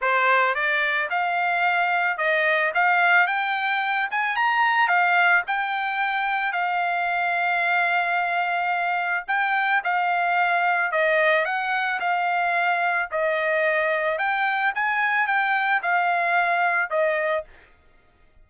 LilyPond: \new Staff \with { instrumentName = "trumpet" } { \time 4/4 \tempo 4 = 110 c''4 d''4 f''2 | dis''4 f''4 g''4. gis''8 | ais''4 f''4 g''2 | f''1~ |
f''4 g''4 f''2 | dis''4 fis''4 f''2 | dis''2 g''4 gis''4 | g''4 f''2 dis''4 | }